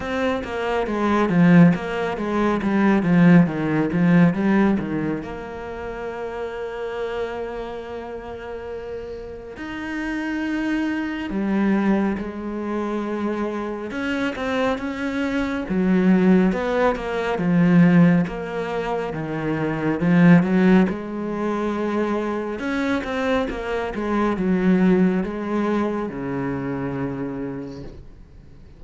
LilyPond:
\new Staff \with { instrumentName = "cello" } { \time 4/4 \tempo 4 = 69 c'8 ais8 gis8 f8 ais8 gis8 g8 f8 | dis8 f8 g8 dis8 ais2~ | ais2. dis'4~ | dis'4 g4 gis2 |
cis'8 c'8 cis'4 fis4 b8 ais8 | f4 ais4 dis4 f8 fis8 | gis2 cis'8 c'8 ais8 gis8 | fis4 gis4 cis2 | }